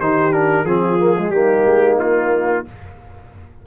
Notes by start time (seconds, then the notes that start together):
0.00 D#3 D#4 G4 C5
0.32 D4 A#4
0.65 F3 C4 F4 G#4
1.00 A#3
1.18 G#3
1.30 G3 A#3 D#4 G4
1.66 G#3
1.97 A#3 F4